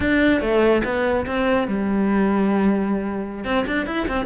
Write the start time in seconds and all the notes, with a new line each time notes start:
0.00 D4
0.41 A3
0.84 B3
1.26 C4
1.67 G3
3.44 C4
3.66 D4
3.86 E4
4.07 C4